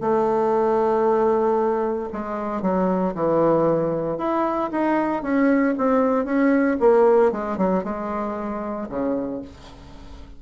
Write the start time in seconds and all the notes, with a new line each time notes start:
0.00 A3
2.12 G#3
2.62 F#3
3.14 E3
4.17 E4
4.71 D#4
5.22 C#4
5.77 C4
6.24 C#4
6.79 A#3
7.31 G#3
7.57 F#3
7.83 G#3
8.89 C#3